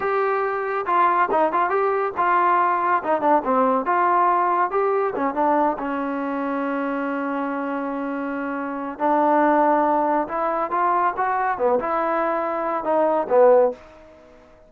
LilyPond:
\new Staff \with { instrumentName = "trombone" } { \time 4/4 \tempo 4 = 140 g'2 f'4 dis'8 f'8 | g'4 f'2 dis'8 d'8 | c'4 f'2 g'4 | cis'8 d'4 cis'2~ cis'8~ |
cis'1~ | cis'4 d'2. | e'4 f'4 fis'4 b8 e'8~ | e'2 dis'4 b4 | }